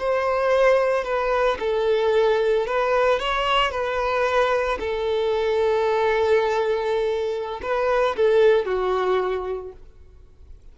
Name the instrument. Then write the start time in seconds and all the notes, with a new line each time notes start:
violin
0.00 C5
1.05 B4
1.60 A4
2.67 B4
3.20 C#5
3.72 B4
4.80 A4
7.63 B4
8.17 A4
8.66 F#4